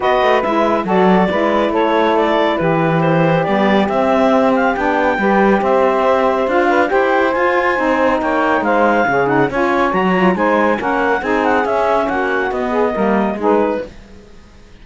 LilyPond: <<
  \new Staff \with { instrumentName = "clarinet" } { \time 4/4 \tempo 4 = 139 dis''4 e''4 d''2 | cis''4 d''4 b'4 c''4 | d''4 e''4. f''8 g''4~ | g''4 e''2 f''4 |
g''4 gis''2 g''4 | f''4. fis''8 gis''4 ais''4 | gis''4 fis''4 gis''8 fis''8 e''4 | fis''4 dis''2 b'4 | }
  \new Staff \with { instrumentName = "saxophone" } { \time 4/4 b'2 a'4 b'4 | a'2 g'2~ | g'1 | b'4 c''2~ c''8 b'8 |
c''2. cis''4 | c''4 gis'4 cis''2 | c''4 ais'4 gis'2 | fis'4. gis'8 ais'4 gis'4 | }
  \new Staff \with { instrumentName = "saxophone" } { \time 4/4 fis'4 e'4 fis'4 e'4~ | e'1 | b4 c'2 d'4 | g'2. f'4 |
g'4 f'4 dis'2~ | dis'4 cis'8 dis'8 f'4 fis'8 f'8 | dis'4 cis'4 dis'4 cis'4~ | cis'4 b4 ais4 dis'4 | }
  \new Staff \with { instrumentName = "cello" } { \time 4/4 b8 a8 gis4 fis4 gis4 | a2 e2 | g4 c'2 b4 | g4 c'2 d'4 |
e'4 f'4 c'4 ais4 | gis4 cis4 cis'4 fis4 | gis4 ais4 c'4 cis'4 | ais4 b4 g4 gis4 | }
>>